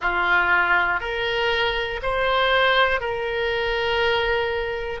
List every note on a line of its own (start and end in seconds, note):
0.00 1.00 F4
1.00 2.00 A#4
2.02 3.00 C5
3.00 5.00 A#4